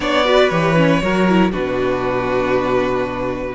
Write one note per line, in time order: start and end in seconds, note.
0.00 0.49 B3
0.00 0.24 D4
0.00 0.26 C#5
0.00 0.49 D5
0.24 0.50 F#4
0.24 1.02 B4
0.49 1.01 E3
0.49 0.75 G4
0.49 1.51 C#5
0.75 1.01 C#4
1.02 1.53 F#3
1.02 1.27 F#4
1.02 1.51 A#4
1.29 1.51 E4
1.51 3.55 B2
1.51 3.54 D4
1.51 3.55 F#4
1.51 3.55 B4